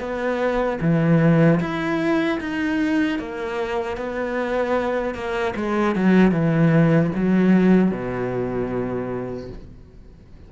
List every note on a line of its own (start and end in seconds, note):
0.00 0.79 B3
0.81 1.60 E3
1.60 2.39 E4
2.40 3.19 D#4
3.19 3.97 A#3
3.97 5.15 B3
5.15 5.54 A#3
5.56 5.96 G#3
5.96 6.32 F#3
6.32 7.11 E3
7.15 7.91 F#3
7.91 9.49 B2